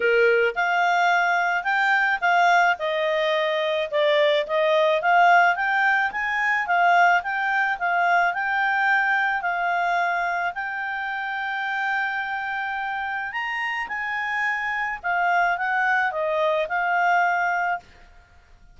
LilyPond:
\new Staff \with { instrumentName = "clarinet" } { \time 4/4 \tempo 4 = 108 ais'4 f''2 g''4 | f''4 dis''2 d''4 | dis''4 f''4 g''4 gis''4 | f''4 g''4 f''4 g''4~ |
g''4 f''2 g''4~ | g''1 | ais''4 gis''2 f''4 | fis''4 dis''4 f''2 | }